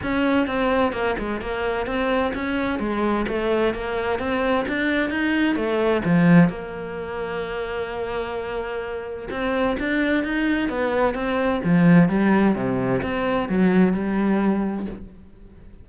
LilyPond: \new Staff \with { instrumentName = "cello" } { \time 4/4 \tempo 4 = 129 cis'4 c'4 ais8 gis8 ais4 | c'4 cis'4 gis4 a4 | ais4 c'4 d'4 dis'4 | a4 f4 ais2~ |
ais1 | c'4 d'4 dis'4 b4 | c'4 f4 g4 c4 | c'4 fis4 g2 | }